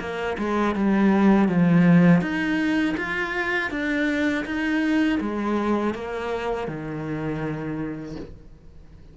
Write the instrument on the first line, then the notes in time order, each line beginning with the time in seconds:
cello
0.00 A#3
0.38 G#3
0.75 G3
1.48 F3
2.21 D#4
2.97 F4
3.71 D4
4.45 D#4
5.21 G#3
5.95 A#3
6.68 D#3